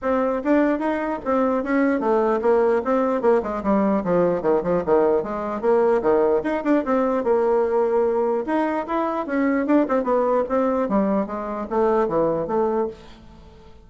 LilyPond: \new Staff \with { instrumentName = "bassoon" } { \time 4/4 \tempo 4 = 149 c'4 d'4 dis'4 c'4 | cis'4 a4 ais4 c'4 | ais8 gis8 g4 f4 dis8 f8 | dis4 gis4 ais4 dis4 |
dis'8 d'8 c'4 ais2~ | ais4 dis'4 e'4 cis'4 | d'8 c'8 b4 c'4 g4 | gis4 a4 e4 a4 | }